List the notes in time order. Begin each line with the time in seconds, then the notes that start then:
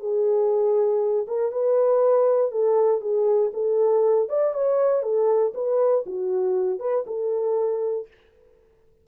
0.00 G#4
1.28 A#4
1.52 B4
2.52 A4
3.01 G#4
3.54 A4
4.29 D5
4.54 C#5
5.03 A4
5.54 B4
6.07 F#4
6.80 B4
7.07 A4